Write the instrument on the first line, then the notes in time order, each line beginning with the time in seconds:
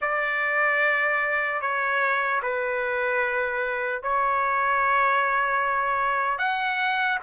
trumpet
0.01 D5
1.61 C#5
2.42 B4
4.02 C#5
6.38 F#5